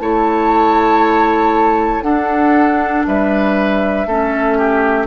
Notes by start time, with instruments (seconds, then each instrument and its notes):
0.00 bassoon A3, clarinet E4, oboe C#5, flute A5
2.02 bassoon D4, clarinet D4, oboe A4, flute F#5
3.07 bassoon G3, oboe B4, flute E5
4.06 bassoon A3, clarinet C#4, oboe A4
4.58 oboe G4